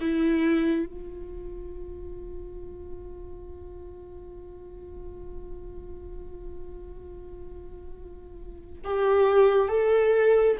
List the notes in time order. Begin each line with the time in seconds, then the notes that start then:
0.00 E4
0.86 F4
8.84 G4
9.68 A4